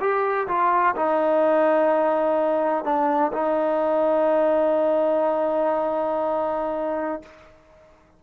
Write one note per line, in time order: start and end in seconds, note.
0.00 0.47 G4
0.47 0.95 F4
0.96 2.84 D#4
2.84 3.32 D4
3.32 7.22 D#4